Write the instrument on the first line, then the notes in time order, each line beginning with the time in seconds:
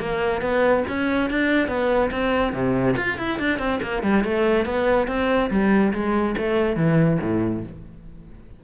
cello
0.00 A#3
0.42 B3
0.89 C#4
1.30 D4
1.68 B3
2.11 C4
2.53 C3
2.97 F4
3.18 E4
3.39 D4
3.59 C4
3.82 A#3
4.03 G3
4.24 A3
4.66 B3
5.08 C4
5.50 G3
5.93 G#3
6.37 A3
6.76 E3
7.21 A2